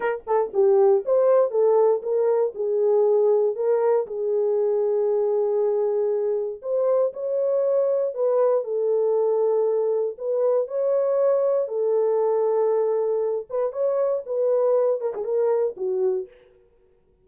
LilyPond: \new Staff \with { instrumentName = "horn" } { \time 4/4 \tempo 4 = 118 ais'8 a'8 g'4 c''4 a'4 | ais'4 gis'2 ais'4 | gis'1~ | gis'4 c''4 cis''2 |
b'4 a'2. | b'4 cis''2 a'4~ | a'2~ a'8 b'8 cis''4 | b'4. ais'16 gis'16 ais'4 fis'4 | }